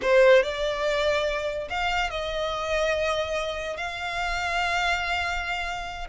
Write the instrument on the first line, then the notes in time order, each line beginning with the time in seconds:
violin
0.02 C5
0.42 D5
1.69 F5
2.10 D#5
3.76 F5